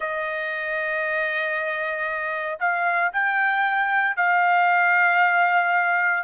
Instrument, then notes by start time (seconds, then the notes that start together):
trumpet
0.00 D#5
2.59 F5
3.13 G5
4.16 F5